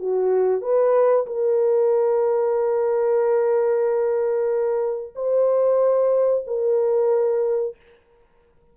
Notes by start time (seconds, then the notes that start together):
0.00 F#4
0.62 B4
1.27 A#4
5.15 C5
6.47 A#4